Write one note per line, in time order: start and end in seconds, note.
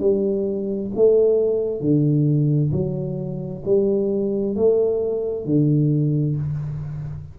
0.00 0.91 G3
0.95 1.81 A3
1.81 2.71 D3
2.72 3.63 F#3
3.65 4.55 G3
4.55 5.45 A3
5.45 6.36 D3